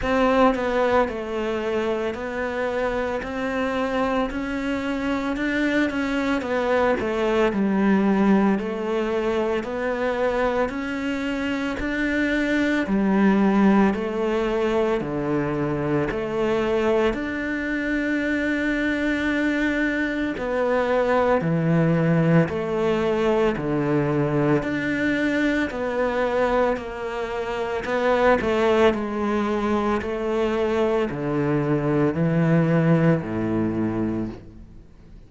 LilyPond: \new Staff \with { instrumentName = "cello" } { \time 4/4 \tempo 4 = 56 c'8 b8 a4 b4 c'4 | cis'4 d'8 cis'8 b8 a8 g4 | a4 b4 cis'4 d'4 | g4 a4 d4 a4 |
d'2. b4 | e4 a4 d4 d'4 | b4 ais4 b8 a8 gis4 | a4 d4 e4 a,4 | }